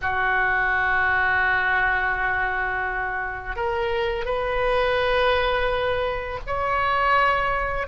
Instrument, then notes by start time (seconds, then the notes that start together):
oboe
0.01 F#4
3.56 A#4
4.25 B4
6.46 C#5